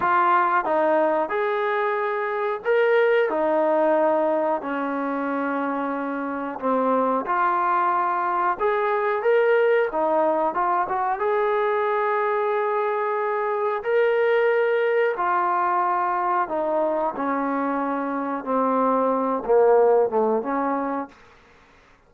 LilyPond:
\new Staff \with { instrumentName = "trombone" } { \time 4/4 \tempo 4 = 91 f'4 dis'4 gis'2 | ais'4 dis'2 cis'4~ | cis'2 c'4 f'4~ | f'4 gis'4 ais'4 dis'4 |
f'8 fis'8 gis'2.~ | gis'4 ais'2 f'4~ | f'4 dis'4 cis'2 | c'4. ais4 a8 cis'4 | }